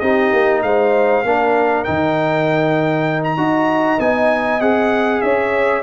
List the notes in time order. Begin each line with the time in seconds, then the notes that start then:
0.00 C4 D#4 G4 D#5
0.33 A#3
0.63 G#3 C5 F5
1.24 A#3 D4 A#4
1.84 D#3 D#4 G5
3.24 A#5
3.37 D#4 F#4 D#5
3.99 B3 D#4 G#5
4.61 C4 G#4 F#5
5.21 C#4 C#5 E5